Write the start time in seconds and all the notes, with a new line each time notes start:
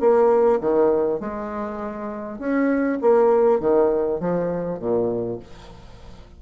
0.00 A#3
0.61 D#3
1.20 G#3
2.39 C#4
3.01 A#3
3.60 D#3
4.20 F3
4.79 A#2